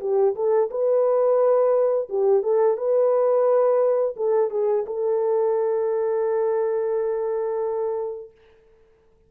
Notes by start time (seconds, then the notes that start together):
0.00 G4
0.35 A4
0.70 B4
2.09 G4
2.43 A4
2.77 B4
4.16 A4
4.50 G#4
4.86 A4